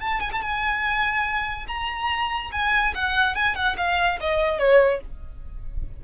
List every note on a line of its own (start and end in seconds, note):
0.00 0.21 A5
0.21 0.31 G#5
0.32 0.41 A5
0.41 1.66 G#5
1.68 2.51 A#5
2.52 2.94 G#5
2.95 3.35 F#5
3.35 3.55 G#5
3.55 3.76 F#5
3.77 4.19 F5
4.21 4.59 D#5
4.59 5.01 C#5